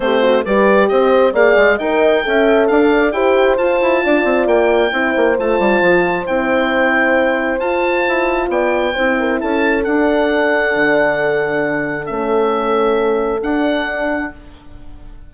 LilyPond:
<<
  \new Staff \with { instrumentName = "oboe" } { \time 4/4 \tempo 4 = 134 c''4 d''4 dis''4 f''4 | g''2 f''4 g''4 | a''2 g''2 | a''2 g''2~ |
g''4 a''2 g''4~ | g''4 a''4 fis''2~ | fis''2. e''4~ | e''2 fis''2 | }
  \new Staff \with { instrumentName = "horn" } { \time 4/4 g'8 fis'8 b'4 c''4 d''4 | dis''4 e''4 d''4 c''4~ | c''4 d''2 c''4~ | c''1~ |
c''2. d''4 | c''8 ais'8 a'2.~ | a'1~ | a'1 | }
  \new Staff \with { instrumentName = "horn" } { \time 4/4 c'4 g'2 gis'4 | ais'4 a'2 g'4 | f'2. e'4 | f'2 e'2~ |
e'4 f'2. | e'2 d'2~ | d'2. cis'4~ | cis'2 d'2 | }
  \new Staff \with { instrumentName = "bassoon" } { \time 4/4 a4 g4 c'4 ais8 gis8 | dis'4 cis'4 d'4 e'4 | f'8 e'8 d'8 c'8 ais4 c'8 ais8 | a8 g8 f4 c'2~ |
c'4 f'4 e'4 b4 | c'4 cis'4 d'2 | d2. a4~ | a2 d'2 | }
>>